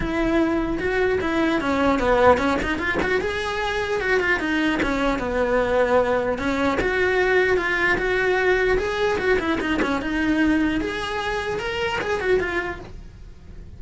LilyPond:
\new Staff \with { instrumentName = "cello" } { \time 4/4 \tempo 4 = 150 e'2 fis'4 e'4 | cis'4 b4 cis'8 dis'8 f'8 fis'8 | gis'2 fis'8 f'8 dis'4 | cis'4 b2. |
cis'4 fis'2 f'4 | fis'2 gis'4 fis'8 e'8 | dis'8 cis'8 dis'2 gis'4~ | gis'4 ais'4 gis'8 fis'8 f'4 | }